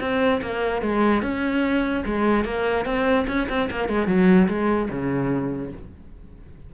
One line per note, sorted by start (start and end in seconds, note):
0.00 0.41 C4
0.42 0.82 A#3
0.82 1.22 G#3
1.22 2.04 C#4
2.05 2.45 G#3
2.45 2.85 A#3
2.85 3.26 C4
3.27 3.48 C#4
3.49 3.69 C4
3.71 3.88 A#3
3.88 4.07 G#3
4.07 4.47 F#3
4.48 4.89 G#3
4.90 5.72 C#3